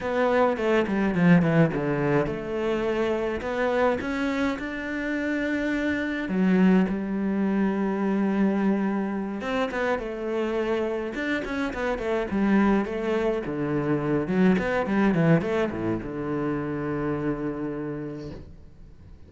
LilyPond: \new Staff \with { instrumentName = "cello" } { \time 4/4 \tempo 4 = 105 b4 a8 g8 f8 e8 d4 | a2 b4 cis'4 | d'2. fis4 | g1~ |
g8 c'8 b8 a2 d'8 | cis'8 b8 a8 g4 a4 d8~ | d4 fis8 b8 g8 e8 a8 a,8 | d1 | }